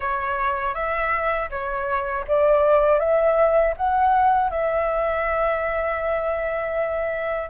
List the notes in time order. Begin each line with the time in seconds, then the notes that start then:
0.00 C#5
0.74 E5
1.50 C#5
2.27 D5
2.99 E5
3.77 F#5
4.50 E5